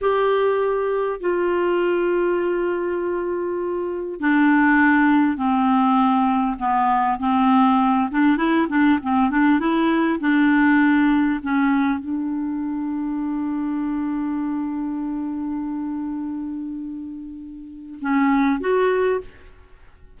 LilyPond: \new Staff \with { instrumentName = "clarinet" } { \time 4/4 \tempo 4 = 100 g'2 f'2~ | f'2. d'4~ | d'4 c'2 b4 | c'4. d'8 e'8 d'8 c'8 d'8 |
e'4 d'2 cis'4 | d'1~ | d'1~ | d'2 cis'4 fis'4 | }